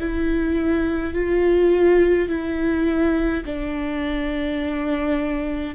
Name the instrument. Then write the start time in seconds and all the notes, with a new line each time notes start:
viola
0.00 E4
1.14 F4
2.29 E4
3.46 D4